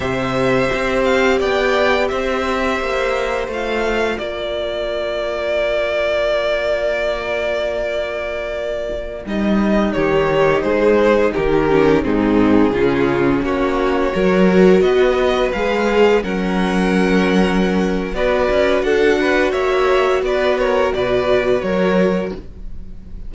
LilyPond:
<<
  \new Staff \with { instrumentName = "violin" } { \time 4/4 \tempo 4 = 86 e''4. f''8 g''4 e''4~ | e''4 f''4 d''2~ | d''1~ | d''4~ d''16 dis''4 cis''4 c''8.~ |
c''16 ais'4 gis'2 cis''8.~ | cis''4~ cis''16 dis''4 f''4 fis''8.~ | fis''2 d''4 fis''4 | e''4 d''8 cis''8 d''4 cis''4 | }
  \new Staff \with { instrumentName = "violin" } { \time 4/4 c''2 d''4 c''4~ | c''2 ais'2~ | ais'1~ | ais'2~ ais'16 g'4 gis'8.~ |
gis'16 g'4 dis'4 f'4 fis'8.~ | fis'16 ais'4 b'2 ais'8.~ | ais'2 b'4 a'8 b'8 | cis''4 b'8 ais'8 b'4 ais'4 | }
  \new Staff \with { instrumentName = "viola" } { \time 4/4 g'1~ | g'4 f'2.~ | f'1~ | f'4~ f'16 dis'2~ dis'8.~ |
dis'8. cis'8 c'4 cis'4.~ cis'16~ | cis'16 fis'2 gis'4 cis'8.~ | cis'2 fis'2~ | fis'1 | }
  \new Staff \with { instrumentName = "cello" } { \time 4/4 c4 c'4 b4 c'4 | ais4 a4 ais2~ | ais1~ | ais4~ ais16 g4 dis4 gis8.~ |
gis16 dis4 gis,4 cis4 ais8.~ | ais16 fis4 b4 gis4 fis8.~ | fis2 b8 cis'8 d'4 | ais4 b4 b,4 fis4 | }
>>